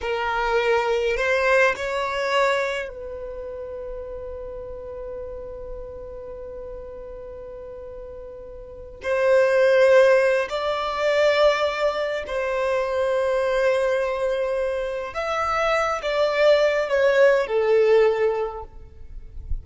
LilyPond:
\new Staff \with { instrumentName = "violin" } { \time 4/4 \tempo 4 = 103 ais'2 c''4 cis''4~ | cis''4 b'2.~ | b'1~ | b'2.~ b'8 c''8~ |
c''2 d''2~ | d''4 c''2.~ | c''2 e''4. d''8~ | d''4 cis''4 a'2 | }